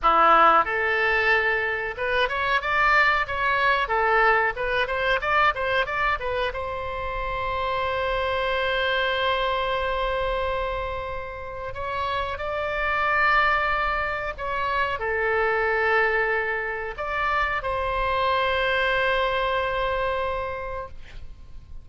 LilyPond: \new Staff \with { instrumentName = "oboe" } { \time 4/4 \tempo 4 = 92 e'4 a'2 b'8 cis''8 | d''4 cis''4 a'4 b'8 c''8 | d''8 c''8 d''8 b'8 c''2~ | c''1~ |
c''2 cis''4 d''4~ | d''2 cis''4 a'4~ | a'2 d''4 c''4~ | c''1 | }